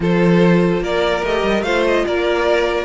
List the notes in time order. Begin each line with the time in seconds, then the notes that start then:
0.00 F3 F4 A4 C5
0.81 A#3 A#4 D5
1.23 A3 G4 D#5
1.43 G3
1.62 A3 F4 C5 F5
1.87 D#5
2.06 A#3 A#4 D5